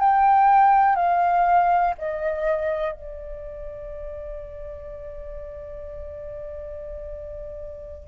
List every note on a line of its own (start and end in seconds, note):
0.00 0.96 G5
0.96 1.94 F5
1.99 2.93 D#5
2.93 8.08 D5